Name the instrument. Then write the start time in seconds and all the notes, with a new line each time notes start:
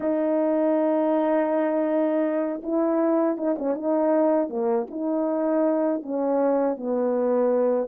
horn
0.00 D#4
2.62 E4
3.37 D#4
3.58 C#4
3.74 D#4
4.49 A#3
4.90 D#4
6.02 C#4
6.77 B3